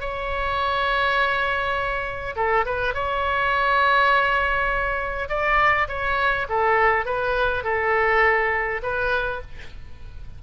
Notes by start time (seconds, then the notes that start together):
0.00 C#5
2.36 A4
2.65 B4
2.94 C#5
5.29 D5
5.88 C#5
6.49 A4
7.05 B4
7.64 A4
8.83 B4